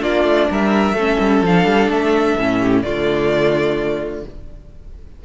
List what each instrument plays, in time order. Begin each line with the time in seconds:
0.00 cello A#3, viola D4, violin F4 D5
0.23 cello A3
0.50 cello G3, violin A#4 E5
0.93 cello A3, viola C#4, violin A4
1.20 cello G3
1.42 cello F3, viola D4, violin F5
1.65 cello G3
1.88 cello A3, violin E5
2.38 cello A2, viola C#4
2.59 violin G4
2.82 cello D3, viola A3, violin F4 D5